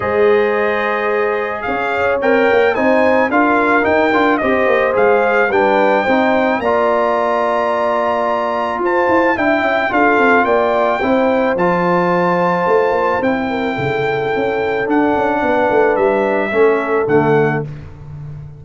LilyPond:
<<
  \new Staff \with { instrumentName = "trumpet" } { \time 4/4 \tempo 4 = 109 dis''2. f''4 | g''4 gis''4 f''4 g''4 | dis''4 f''4 g''2 | ais''1 |
a''4 g''4 f''4 g''4~ | g''4 a''2. | g''2. fis''4~ | fis''4 e''2 fis''4 | }
  \new Staff \with { instrumentName = "horn" } { \time 4/4 c''2. cis''4~ | cis''4 c''4 ais'2 | c''2 b'4 c''4 | d''1 |
c''4 e''4 a'4 d''4 | c''1~ | c''8 ais'8 a'2. | b'2 a'2 | }
  \new Staff \with { instrumentName = "trombone" } { \time 4/4 gis'1 | ais'4 dis'4 f'4 dis'8 f'8 | g'4 gis'4 d'4 dis'4 | f'1~ |
f'4 e'4 f'2 | e'4 f'2. | e'2. d'4~ | d'2 cis'4 a4 | }
  \new Staff \with { instrumentName = "tuba" } { \time 4/4 gis2. cis'4 | c'8 ais8 c'4 d'4 dis'8 d'8 | c'8 ais8 gis4 g4 c'4 | ais1 |
f'8 e'8 d'8 cis'8 d'8 c'8 ais4 | c'4 f2 a8 ais8 | c'4 cis4 cis'4 d'8 cis'8 | b8 a8 g4 a4 d4 | }
>>